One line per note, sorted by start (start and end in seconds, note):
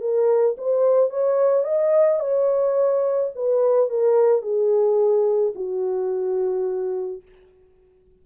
0.00 0.56 A#4
0.57 1.10 C5
1.10 1.64 C#5
1.64 2.19 D#5
2.19 3.30 C#5
3.35 3.90 B4
3.90 4.42 A#4
4.42 5.53 G#4
5.55 7.22 F#4